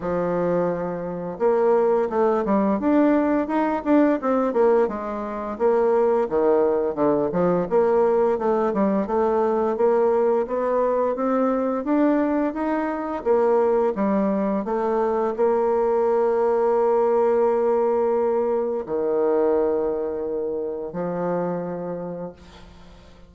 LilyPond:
\new Staff \with { instrumentName = "bassoon" } { \time 4/4 \tempo 4 = 86 f2 ais4 a8 g8 | d'4 dis'8 d'8 c'8 ais8 gis4 | ais4 dis4 d8 f8 ais4 | a8 g8 a4 ais4 b4 |
c'4 d'4 dis'4 ais4 | g4 a4 ais2~ | ais2. dis4~ | dis2 f2 | }